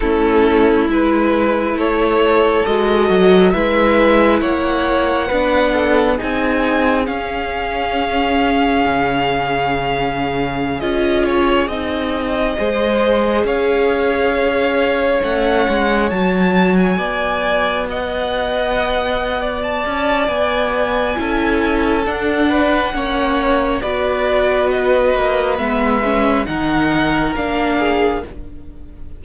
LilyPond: <<
  \new Staff \with { instrumentName = "violin" } { \time 4/4 \tempo 4 = 68 a'4 b'4 cis''4 dis''4 | e''4 fis''2 gis''4 | f''1~ | f''16 dis''8 cis''8 dis''2 f''8.~ |
f''4~ f''16 fis''4 a''8. gis''4~ | gis''16 fis''2 a''8. gis''4~ | gis''4 fis''2 d''4 | dis''4 e''4 fis''4 f''4 | }
  \new Staff \with { instrumentName = "violin" } { \time 4/4 e'2 a'2 | b'4 cis''4 b'8 a'8 gis'4~ | gis'1~ | gis'2~ gis'16 c''4 cis''8.~ |
cis''2.~ cis''16 d''8.~ | d''16 dis''4.~ dis''16 d''2 | a'4. b'8 cis''4 b'4~ | b'2 ais'4. gis'8 | }
  \new Staff \with { instrumentName = "viola" } { \time 4/4 cis'4 e'2 fis'4 | e'2 d'4 dis'4 | cis'1~ | cis'16 f'4 dis'4 gis'4.~ gis'16~ |
gis'4~ gis'16 cis'4 fis'4.~ fis'16~ | fis'1 | e'4 d'4 cis'4 fis'4~ | fis'4 b8 cis'8 dis'4 d'4 | }
  \new Staff \with { instrumentName = "cello" } { \time 4/4 a4 gis4 a4 gis8 fis8 | gis4 ais4 b4 c'4 | cis'2 cis2~ | cis16 cis'4 c'4 gis4 cis'8.~ |
cis'4~ cis'16 a8 gis8 fis4 b8.~ | b2~ b8 cis'8 b4 | cis'4 d'4 ais4 b4~ | b8 ais8 gis4 dis4 ais4 | }
>>